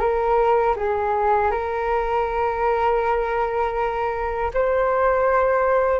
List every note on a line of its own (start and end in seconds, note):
0.00 0.75 A#4
0.76 1.51 G#4
1.51 4.51 A#4
4.54 6.00 C5